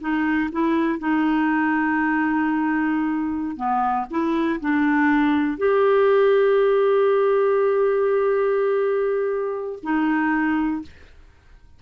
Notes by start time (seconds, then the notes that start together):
0.00 D#4
0.51 E4
0.98 D#4
3.56 B3
4.10 E4
4.60 D4
5.57 G4
9.82 D#4